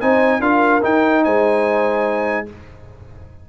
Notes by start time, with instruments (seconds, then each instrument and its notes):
0.00 tuba C4, trombone D#4, horn C5, trumpet G#5
0.40 tuba D4, trombone F4, horn A#4, trumpet F5
0.82 trombone D#4, tuba D#4, trumpet G5
1.24 tuba G#3, horn C5, trumpet G#5